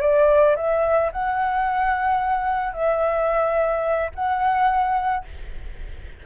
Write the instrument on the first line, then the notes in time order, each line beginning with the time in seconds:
flute
0.00 D5
0.56 E5
1.11 F#5
2.73 E5
4.14 F#5